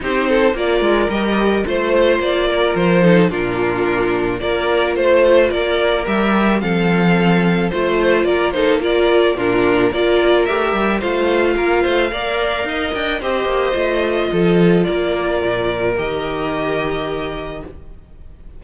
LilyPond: <<
  \new Staff \with { instrumentName = "violin" } { \time 4/4 \tempo 4 = 109 c''4 d''4 dis''4 c''4 | d''4 c''4 ais'2 | d''4 c''4 d''4 e''4 | f''2 c''4 d''8 c''8 |
d''4 ais'4 d''4 e''4 | f''2.~ f''8 g''8 | dis''2. d''4~ | d''4 dis''2. | }
  \new Staff \with { instrumentName = "violin" } { \time 4/4 g'8 a'8 ais'2 c''4~ | c''8 ais'4 a'8 f'2 | ais'4 c''4 ais'2 | a'2 c''4 ais'8 a'8 |
ais'4 f'4 ais'2 | c''4 ais'8 c''8 d''4 dis''4 | c''2 a'4 ais'4~ | ais'1 | }
  \new Staff \with { instrumentName = "viola" } { \time 4/4 dis'4 f'4 g'4 f'4~ | f'4. dis'8 d'2 | f'2. g'4 | c'2 f'4. dis'8 |
f'4 d'4 f'4 g'4 | f'2 ais'2 | g'4 f'2.~ | f'4 g'2. | }
  \new Staff \with { instrumentName = "cello" } { \time 4/4 c'4 ais8 gis8 g4 a4 | ais4 f4 ais,2 | ais4 a4 ais4 g4 | f2 a4 ais4~ |
ais4 ais,4 ais4 a8 g8 | a4 ais8 a8 ais4 dis'8 d'8 | c'8 ais8 a4 f4 ais4 | ais,4 dis2. | }
>>